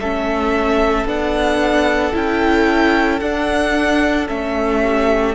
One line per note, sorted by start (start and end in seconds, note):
0.00 1.06 A3
0.00 1.07 C#4
0.00 4.82 A4
0.00 1.07 E5
1.06 2.13 B3
1.06 2.14 D4
1.06 2.16 F#5
2.14 3.22 C#4
2.14 3.21 E4
2.14 3.20 G5
3.20 4.29 D4
3.20 4.28 D4
3.20 4.27 F#5
4.28 5.35 A3
4.28 5.35 C#4
4.28 5.35 E5
4.82 5.35 G4